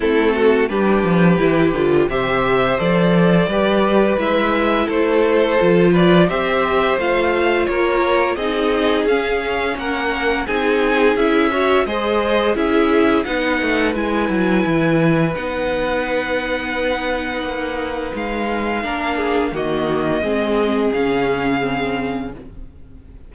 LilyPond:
<<
  \new Staff \with { instrumentName = "violin" } { \time 4/4 \tempo 4 = 86 a'4 b'2 e''4 | d''2 e''4 c''4~ | c''8 d''8 e''4 f''4 cis''4 | dis''4 f''4 fis''4 gis''4 |
e''4 dis''4 e''4 fis''4 | gis''2 fis''2~ | fis''2 f''2 | dis''2 f''2 | }
  \new Staff \with { instrumentName = "violin" } { \time 4/4 e'8 fis'8 g'2 c''4~ | c''4 b'2 a'4~ | a'8 b'8 c''2 ais'4 | gis'2 ais'4 gis'4~ |
gis'8 cis''8 c''4 gis'4 b'4~ | b'1~ | b'2. ais'8 gis'8 | fis'4 gis'2. | }
  \new Staff \with { instrumentName = "viola" } { \time 4/4 c'4 d'4 e'8 f'8 g'4 | a'4 g'4 e'2 | f'4 g'4 f'2 | dis'4 cis'2 dis'4 |
e'8 fis'8 gis'4 e'4 dis'4 | e'2 dis'2~ | dis'2. d'4 | ais4 c'4 cis'4 c'4 | }
  \new Staff \with { instrumentName = "cello" } { \time 4/4 a4 g8 f8 e8 d8 c4 | f4 g4 gis4 a4 | f4 c'4 a4 ais4 | c'4 cis'4 ais4 c'4 |
cis'4 gis4 cis'4 b8 a8 | gis8 fis8 e4 b2~ | b4 ais4 gis4 ais4 | dis4 gis4 cis2 | }
>>